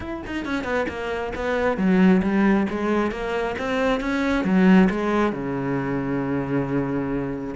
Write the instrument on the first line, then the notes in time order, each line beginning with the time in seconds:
cello
0.00 E4
0.26 D#4
0.45 C#4
0.63 B3
0.88 A#3
1.35 B3
1.77 F#3
2.22 G3
2.69 G#3
3.11 A#3
3.58 C4
4.00 C#4
4.44 F#3
4.90 G#3
5.32 C#3